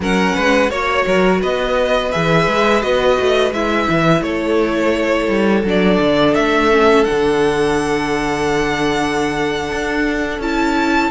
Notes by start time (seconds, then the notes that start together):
0.00 F#3 C#4 A#4 F#5
0.35 G#3 B4
0.70 A#3 F#4 C#5
1.06 F#3 A#4
1.41 B3 B4 D#5
2.11 E3 G#4 E5
2.47 G#3
2.81 B3 F#4 D#5
3.19 A3
3.52 G#3 E4 E5
3.89 E3
4.21 A3 A4 C#5
5.27 G3
5.63 F#3 D4 D5
6.00 D3
6.34 A3 E5
6.71 C#4
7.04 D4 F#5
7.10 D3
9.71 D4
10.39 C#4 E4 A5